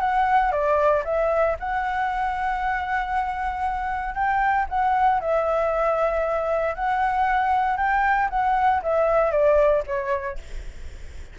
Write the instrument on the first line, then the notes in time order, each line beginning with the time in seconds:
flute
0.00 F#5
0.51 D5
1.05 E5
1.59 F#5
4.14 G5
4.69 F#5
5.21 E5
6.75 F#5
7.77 G5
8.30 F#5
8.82 E5
9.31 D5
9.86 C#5